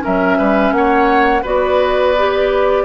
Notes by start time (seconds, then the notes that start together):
0.00 C#4 A#4 E5
0.06 F#3
0.37 G3 B4
0.71 A#3 C#5 F#5
1.42 B3 F#4 B4 D5
2.17 G4